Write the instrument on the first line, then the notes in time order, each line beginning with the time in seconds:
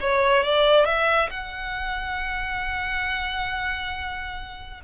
violin
0.00 C#5
0.43 D5
0.85 E5
1.30 F#5